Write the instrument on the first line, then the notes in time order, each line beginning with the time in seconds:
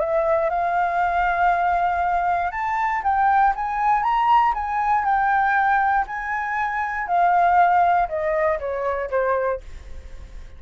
flute
0.00 E5
0.50 F5
2.52 A5
3.04 G5
3.56 G#5
4.04 A#5
4.55 G#5
5.05 G5
6.08 G#5
7.08 F5
8.09 D#5
8.60 C#5
9.11 C5